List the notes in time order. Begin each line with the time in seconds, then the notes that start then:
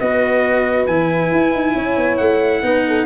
0.00 B3 F#4 B4 D#5
0.87 E3 E4 G#5
1.32 E4
1.53 D#4
1.75 C#4 C#5
1.97 B3
2.18 A3 F#5
2.63 B3 D#4 B4
2.87 A4